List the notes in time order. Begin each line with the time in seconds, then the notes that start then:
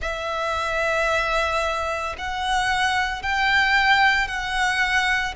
0.01 E5
2.18 F#5
3.22 G5
4.27 F#5